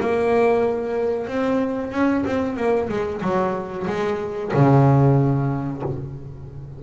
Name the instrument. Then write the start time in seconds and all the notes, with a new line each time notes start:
double bass
0.00 A#3
1.27 C4
1.91 C#4
2.26 C4
2.56 A#3
2.89 G#3
3.21 F#3
3.87 G#3
4.53 C#3